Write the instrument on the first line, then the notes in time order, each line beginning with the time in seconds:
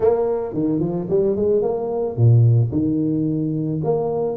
tuba
0.00 A#3
0.53 D#3
0.79 F3
1.09 G3
1.36 G#3
1.62 A#3
2.16 A#2
2.71 D#3
3.84 A#3